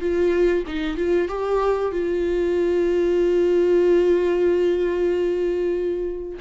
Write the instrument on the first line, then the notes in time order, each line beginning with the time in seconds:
viola
0.00 F4
0.66 D#4
0.97 F4
1.28 G4
1.92 F4